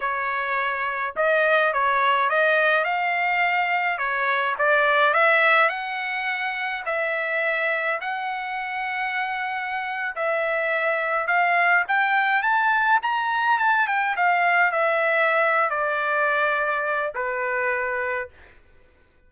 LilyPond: \new Staff \with { instrumentName = "trumpet" } { \time 4/4 \tempo 4 = 105 cis''2 dis''4 cis''4 | dis''4 f''2 cis''4 | d''4 e''4 fis''2 | e''2 fis''2~ |
fis''4.~ fis''16 e''2 f''16~ | f''8. g''4 a''4 ais''4 a''16~ | a''16 g''8 f''4 e''4.~ e''16 d''8~ | d''2 b'2 | }